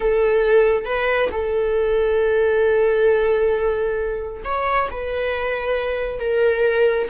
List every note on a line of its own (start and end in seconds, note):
0.00 0.85 A4
0.85 1.29 B4
1.31 4.42 A4
4.44 4.89 C#5
4.91 6.19 B4
6.19 7.08 A#4